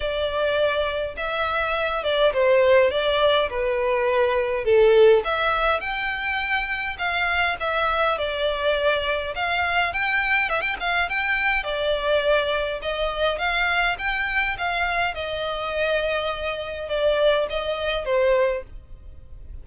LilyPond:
\new Staff \with { instrumentName = "violin" } { \time 4/4 \tempo 4 = 103 d''2 e''4. d''8 | c''4 d''4 b'2 | a'4 e''4 g''2 | f''4 e''4 d''2 |
f''4 g''4 e''16 g''16 f''8 g''4 | d''2 dis''4 f''4 | g''4 f''4 dis''2~ | dis''4 d''4 dis''4 c''4 | }